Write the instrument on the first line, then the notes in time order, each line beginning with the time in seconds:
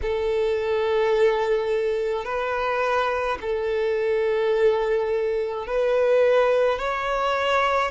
violin
0.02 A4
2.24 B4
3.41 A4
5.67 B4
6.78 C#5